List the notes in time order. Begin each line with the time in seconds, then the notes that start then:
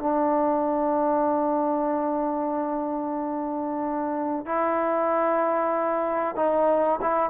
0.00 D4
4.46 E4
6.36 D#4
7.02 E4